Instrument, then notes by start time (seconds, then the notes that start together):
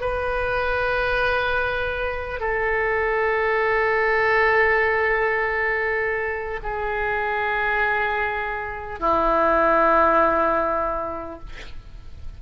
oboe
0.00 B4
2.40 A4
6.62 G#4
8.99 E4